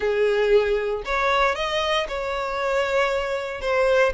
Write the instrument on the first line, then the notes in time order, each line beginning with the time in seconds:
violin
0.00 G#4
1.05 C#5
1.55 D#5
2.08 C#5
3.61 C5